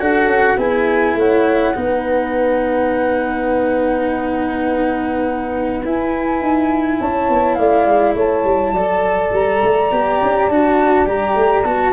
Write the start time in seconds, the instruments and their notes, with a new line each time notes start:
0.00 tuba D4, cello F#4, horn A4, flute F#5
0.27 tuba C#4
0.57 tuba B3, cello E4, horn G#4, flute G#5
1.15 tuba A3, horn C#5, flute F#5
1.74 tuba B3, cello D#4, horn B4
5.84 tuba E4, cello E4, flute G#5
6.40 tuba D#4
7.00 tuba C#4, horn C#5, flute A5
7.29 tuba B3
7.55 tuba A3, horn D5, flute F5
7.86 tuba G#3
8.15 tuba A3, horn C#5, flute A5
8.44 tuba G3
8.72 tuba F#3, cello A4, horn D5
9.32 tuba G3, flute A#5
9.63 tuba A3
9.92 tuba B3, cello G4
10.22 tuba C#4
10.49 tuba D4, cello F#4, flute A5
11.06 tuba G3, cello G4, flute A#5
11.35 tuba A3
11.64 tuba B3, cello F#4, flute A5